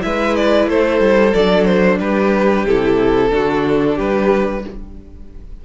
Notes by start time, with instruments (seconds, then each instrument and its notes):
0.00 cello G#3, viola E4, violin B4 E5
0.35 violin D5
0.67 cello A3, violin A4 C5
1.00 cello G3
1.34 cello F#3, viola D4, violin D5
1.65 violin C5
1.99 cello G3, violin G4 B4
2.65 cello C3, viola E4, violin A4
3.30 cello D3, viola D4, violin F#4
3.95 cello G3, violin G4 B4